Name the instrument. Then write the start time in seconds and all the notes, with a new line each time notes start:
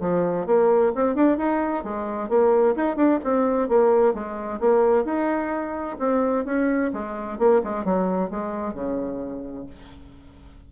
bassoon
0.00 F3
0.46 A#3
0.95 C4
1.15 D4
1.37 D#4
1.84 G#3
2.29 A#3
2.76 D#4
2.96 D4
3.24 C4
3.68 A#3
4.13 G#3
4.60 A#3
5.04 D#4
5.99 C4
6.45 C#4
6.93 G#3
7.38 A#3
7.63 G#3
7.85 F#3
8.30 G#3
8.74 C#3